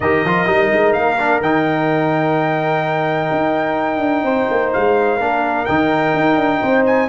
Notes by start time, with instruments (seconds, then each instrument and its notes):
0.00 tuba D#3, trombone G4, horn A#4, trumpet D#5
0.24 tuba F3, trombone F4
0.46 tuba G3, trombone D#4
0.73 tuba G#3
0.92 tuba A#3, trumpet F5
1.18 trombone D4
1.40 tuba D#3, trombone D#4, trumpet G5
3.31 tuba D#4
3.99 tuba D4
4.23 tuba C4, horn C5
4.50 tuba A#3
4.73 tuba G#3, trumpet F5
5.16 tuba A#3, trombone D4, horn A#4
5.65 tuba D#3, trombone D#4, trumpet G5
6.13 tuba D#4
6.36 tuba D4
6.62 tuba C4, horn C5
6.85 trumpet G#5